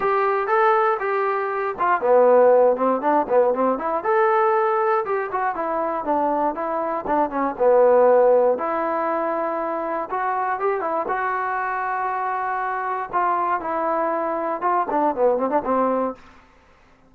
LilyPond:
\new Staff \with { instrumentName = "trombone" } { \time 4/4 \tempo 4 = 119 g'4 a'4 g'4. f'8 | b4. c'8 d'8 b8 c'8 e'8 | a'2 g'8 fis'8 e'4 | d'4 e'4 d'8 cis'8 b4~ |
b4 e'2. | fis'4 g'8 e'8 fis'2~ | fis'2 f'4 e'4~ | e'4 f'8 d'8 b8 c'16 d'16 c'4 | }